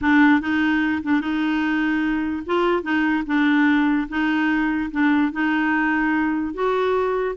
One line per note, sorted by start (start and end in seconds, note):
0.01 0.40 D4
0.40 1.01 D#4
1.02 1.20 D4
1.20 2.43 D#4
2.45 2.83 F4
2.83 3.23 D#4
3.26 4.08 D4
4.08 4.90 D#4
4.91 5.32 D4
5.32 6.54 D#4
6.54 7.35 F#4